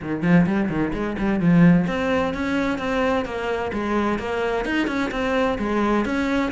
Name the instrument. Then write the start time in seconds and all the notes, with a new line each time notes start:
cello
0.02 D#3
0.22 F3
0.46 G3
0.68 D#3
0.93 G#3
1.18 G3
1.40 F3
1.87 C4
2.33 C#4
2.78 C4
3.25 A#3
3.73 G#3
4.18 A#3
4.65 D#4
4.87 C#4
5.11 C4
5.58 G#3
6.05 C#4